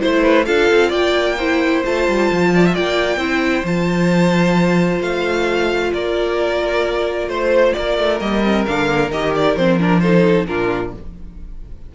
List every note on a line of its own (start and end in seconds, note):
0.00 0.48 A3
0.00 0.45 E4
0.00 0.23 C5
0.00 0.46 C5
0.23 0.46 B4
0.46 0.71 D4
0.46 1.37 F4
0.46 0.89 A4
0.46 0.92 F5
0.72 0.93 C4
0.89 1.84 A#3
0.89 1.35 D5
0.89 1.83 G5
1.38 1.85 E4
1.38 2.51 C5
1.85 2.09 A3
1.85 3.20 F4
1.85 2.75 A5
2.09 2.31 G3
2.32 2.78 F3
2.55 2.66 D5
2.66 2.75 E5
2.75 3.17 A#3
2.75 3.19 D5
2.75 3.66 G5
3.17 3.63 C4
3.17 3.65 E4
3.17 5.91 C5
3.64 5.01 F3
3.64 8.19 F4
3.64 5.02 A5
5.01 5.92 A3
5.01 5.93 F5
5.94 7.28 A#3
5.94 7.30 A#4
5.94 7.29 D5
7.28 7.73 A3
7.28 7.74 C5
7.28 7.75 C5
7.74 7.98 A#3
7.74 10.02 A#4
7.74 8.19 D5
7.98 8.21 A3
8.19 8.67 G3
8.19 8.42 A#3
8.19 8.66 D#5
8.44 8.67 C4
8.66 9.11 D3
8.66 8.88 D4
8.66 9.11 F5
8.88 9.11 A#3
9.11 9.56 D#3
9.11 9.58 G4
9.11 9.34 D#5
9.36 9.57 D5
9.57 10.48 F3
9.57 9.80 C4
9.57 9.80 C5
9.80 10.02 D4
9.80 10.01 A#4
10.01 10.48 D#4
10.01 10.47 A4
10.01 10.46 C5
10.47 10.94 A#2
10.47 10.94 D4
10.47 10.95 F4
10.47 10.93 A#4